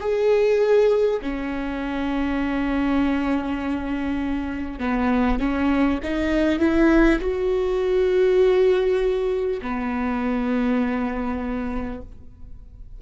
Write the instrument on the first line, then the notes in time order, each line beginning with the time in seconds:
viola
0.00 G#4
1.22 C#4
4.79 B3
5.39 C#4
6.03 D#4
6.59 E4
7.21 F#4
9.62 B3